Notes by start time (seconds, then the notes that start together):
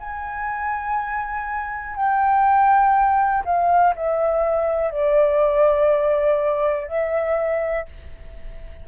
0.00 G#5
1.97 G5
3.46 F5
3.96 E5
4.91 D5
6.88 E5